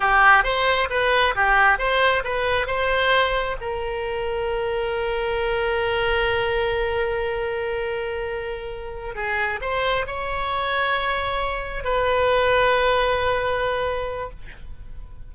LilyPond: \new Staff \with { instrumentName = "oboe" } { \time 4/4 \tempo 4 = 134 g'4 c''4 b'4 g'4 | c''4 b'4 c''2 | ais'1~ | ais'1~ |
ais'1~ | ais'8 gis'4 c''4 cis''4.~ | cis''2~ cis''8 b'4.~ | b'1 | }